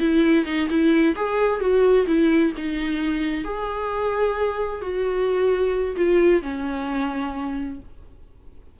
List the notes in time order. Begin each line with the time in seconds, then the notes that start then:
0.00 E4
0.46 D#4
0.70 E4
1.16 G#4
1.61 F#4
2.07 E4
2.58 D#4
3.45 G#4
4.82 F#4
5.97 F4
6.42 C#4